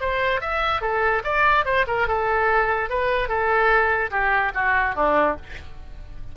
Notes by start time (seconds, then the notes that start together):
0.00 C5
0.41 E5
0.81 A4
1.24 D5
1.65 C5
1.87 A#4
2.07 A4
2.89 B4
3.28 A4
4.11 G4
4.54 F#4
4.95 D4